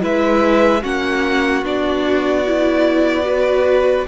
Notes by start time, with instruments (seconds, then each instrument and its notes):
0.00 cello G#3, viola E4, violin B4 E5
0.82 cello A#3, viola C#4, violin F#4 F#5
1.63 cello B3, viola D4, violin D5
2.47 viola E4
3.23 viola F#4, violin B4